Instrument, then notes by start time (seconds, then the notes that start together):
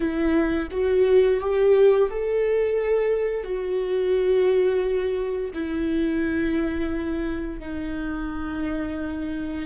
viola
0.00 E4
0.71 F#4
1.40 G4
2.10 A4
3.43 F#4
5.53 E4
7.59 D#4